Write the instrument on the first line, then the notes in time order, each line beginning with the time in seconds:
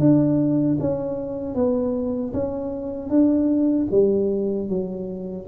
tuba
0.00 D4
0.80 C#4
1.55 B3
2.34 C#4
3.10 D4
3.91 G3
4.69 F#3